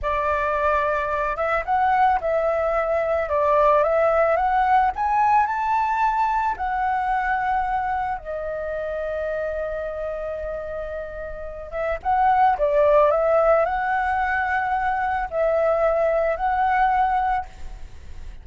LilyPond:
\new Staff \with { instrumentName = "flute" } { \time 4/4 \tempo 4 = 110 d''2~ d''8 e''8 fis''4 | e''2 d''4 e''4 | fis''4 gis''4 a''2 | fis''2. dis''4~ |
dis''1~ | dis''4. e''8 fis''4 d''4 | e''4 fis''2. | e''2 fis''2 | }